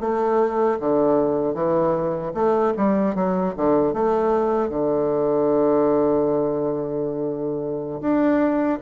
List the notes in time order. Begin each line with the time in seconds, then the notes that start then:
0.00 A3
0.80 D3
1.54 E3
2.34 A3
2.77 G3
3.15 F#3
3.56 D3
3.93 A3
4.69 D3
8.01 D4